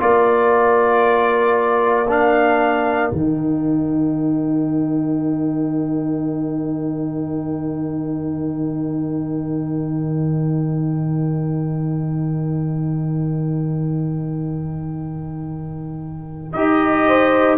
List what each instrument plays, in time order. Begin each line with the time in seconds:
0.00 tuba A#3, trombone F4, horn A#4, trumpet D5
2.09 trombone D4, trumpet F5
3.12 tuba D#3, trombone D#4, trumpet G5
16.53 tuba D#4, trombone G4, trumpet D#5
17.08 horn C5